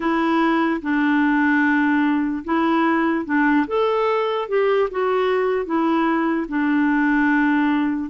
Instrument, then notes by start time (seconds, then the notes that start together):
clarinet
0.00 E4
0.81 D4
2.44 E4
3.25 D4
3.67 A4
4.48 G4
4.90 F#4
5.65 E4
6.48 D4